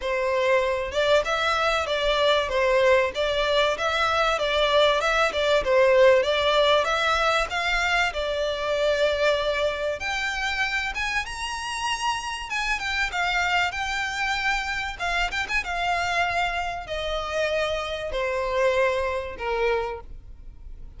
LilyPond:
\new Staff \with { instrumentName = "violin" } { \time 4/4 \tempo 4 = 96 c''4. d''8 e''4 d''4 | c''4 d''4 e''4 d''4 | e''8 d''8 c''4 d''4 e''4 | f''4 d''2. |
g''4. gis''8 ais''2 | gis''8 g''8 f''4 g''2 | f''8 g''16 gis''16 f''2 dis''4~ | dis''4 c''2 ais'4 | }